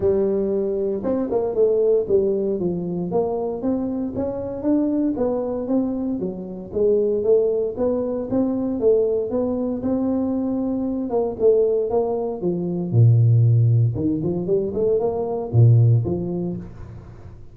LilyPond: \new Staff \with { instrumentName = "tuba" } { \time 4/4 \tempo 4 = 116 g2 c'8 ais8 a4 | g4 f4 ais4 c'4 | cis'4 d'4 b4 c'4 | fis4 gis4 a4 b4 |
c'4 a4 b4 c'4~ | c'4. ais8 a4 ais4 | f4 ais,2 dis8 f8 | g8 a8 ais4 ais,4 f4 | }